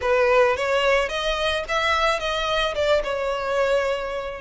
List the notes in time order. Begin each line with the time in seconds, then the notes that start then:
0.01 B4
0.56 C#5
1.08 D#5
1.68 E5
2.19 D#5
2.74 D5
3.03 C#5